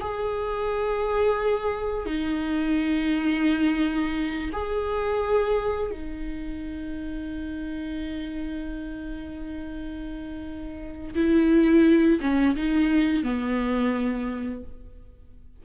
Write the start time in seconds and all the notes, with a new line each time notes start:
0.00 G#4
2.05 D#4
4.52 G#4
5.90 D#4
11.15 E4
12.20 C#4
12.55 D#4
13.23 B3